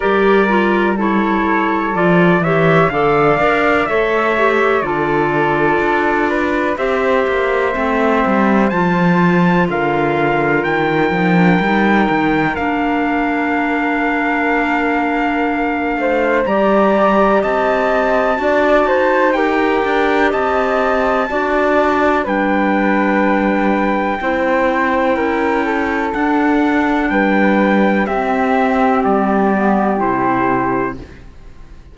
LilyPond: <<
  \new Staff \with { instrumentName = "trumpet" } { \time 4/4 \tempo 4 = 62 d''4 cis''4 d''8 e''8 f''4 | e''4 d''2 e''4~ | e''4 a''4 f''4 g''4~ | g''4 f''2.~ |
f''4 ais''4 a''2 | g''4 a''2 g''4~ | g''2. fis''4 | g''4 e''4 d''4 c''4 | }
  \new Staff \with { instrumentName = "flute" } { \time 4/4 ais'4 a'4. cis''8 d''4 | cis''4 a'4. b'8 c''4~ | c''2 ais'2~ | ais'1~ |
ais'8 c''8 d''4 dis''4 d''8 c''8 | ais'4 dis''4 d''4 b'4~ | b'4 c''4 ais'8 a'4. | b'4 g'2. | }
  \new Staff \with { instrumentName = "clarinet" } { \time 4/4 g'8 f'8 e'4 f'8 g'8 a'8 ais'8 | a'8 g'8 f'2 g'4 | c'4 f'2~ f'8 dis'16 d'16 | dis'4 d'2.~ |
d'4 g'2 fis'4 | g'2 fis'4 d'4~ | d'4 e'2 d'4~ | d'4 c'4. b8 e'4 | }
  \new Staff \with { instrumentName = "cello" } { \time 4/4 g2 f8 e8 d8 d'8 | a4 d4 d'4 c'8 ais8 | a8 g8 f4 d4 dis8 f8 | g8 dis8 ais2.~ |
ais8 a8 g4 c'4 d'8 dis'8~ | dis'8 d'8 c'4 d'4 g4~ | g4 c'4 cis'4 d'4 | g4 c'4 g4 c4 | }
>>